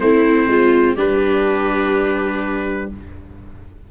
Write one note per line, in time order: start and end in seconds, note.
0.00 0.47 A3
0.00 0.97 C4
0.00 0.49 E4
0.00 0.96 C5
0.47 0.95 G#3
0.47 0.96 F4
0.96 2.88 G3
0.96 2.89 D4
0.96 2.88 G4
0.96 2.91 B4